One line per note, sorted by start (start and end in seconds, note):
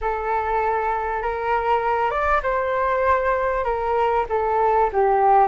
0.01 1.22 A4
1.22 2.10 A#4
2.10 2.41 D5
2.42 3.64 C5
3.64 4.26 A#4
4.29 4.90 A4
4.93 5.47 G4